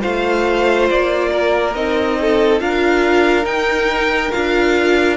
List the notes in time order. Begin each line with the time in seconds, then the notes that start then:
0.00 A3 F4 C5 F5
0.89 A#3 D5
1.32 A#4
1.74 C4 D#4 D#5
2.21 A4
2.59 D4 F4 A#4 F5
3.43 D#4 G5
4.31 D4 F4 F5